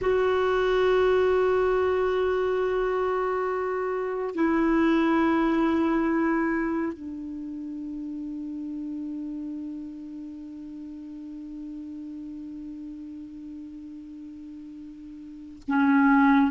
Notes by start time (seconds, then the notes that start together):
0.01 F#4
4.34 E4
6.92 D4
15.68 C#4